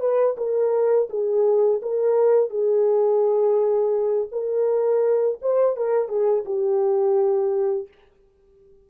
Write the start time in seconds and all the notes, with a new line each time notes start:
0.00 B4
0.37 A#4
1.09 G#4
1.82 A#4
2.50 G#4
4.31 A#4
5.42 C5
5.76 A#4
6.08 G#4
6.45 G4